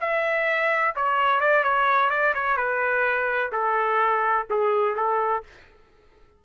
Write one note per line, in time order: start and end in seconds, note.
0.00 0.94 E5
0.95 1.40 C#5
1.40 1.63 D5
1.63 2.09 C#5
2.09 2.33 D5
2.34 2.56 C#5
2.56 3.51 B4
3.52 4.46 A4
4.50 4.96 G#4
4.96 5.43 A4